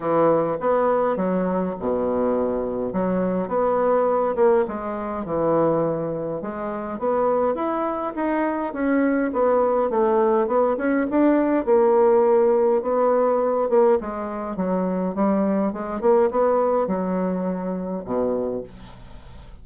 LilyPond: \new Staff \with { instrumentName = "bassoon" } { \time 4/4 \tempo 4 = 103 e4 b4 fis4 b,4~ | b,4 fis4 b4. ais8 | gis4 e2 gis4 | b4 e'4 dis'4 cis'4 |
b4 a4 b8 cis'8 d'4 | ais2 b4. ais8 | gis4 fis4 g4 gis8 ais8 | b4 fis2 b,4 | }